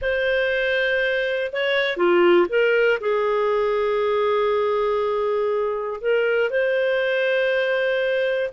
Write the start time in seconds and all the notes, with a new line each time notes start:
0.01 C5
1.52 C#5
1.96 F4
2.48 A#4
3.00 G#4
6.00 A#4
6.50 C5